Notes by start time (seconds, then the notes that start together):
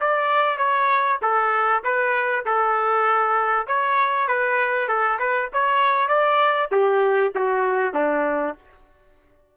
0.00 D5
0.58 C#5
1.22 A4
1.84 B4
2.45 A4
3.67 C#5
4.28 B4
4.88 A4
5.19 B4
5.53 C#5
6.08 D5
6.71 G4
7.35 F#4
7.94 D4